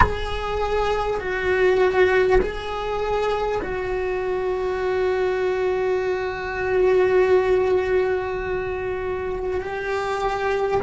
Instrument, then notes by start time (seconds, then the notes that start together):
cello
0.00 G#4
1.20 F#4
2.41 G#4
3.62 F#4
9.61 G4